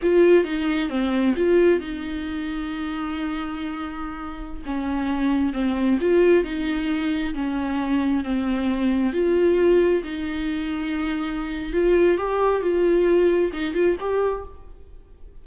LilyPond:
\new Staff \with { instrumentName = "viola" } { \time 4/4 \tempo 4 = 133 f'4 dis'4 c'4 f'4 | dis'1~ | dis'2~ dis'16 cis'4.~ cis'16~ | cis'16 c'4 f'4 dis'4.~ dis'16~ |
dis'16 cis'2 c'4.~ c'16~ | c'16 f'2 dis'4.~ dis'16~ | dis'2 f'4 g'4 | f'2 dis'8 f'8 g'4 | }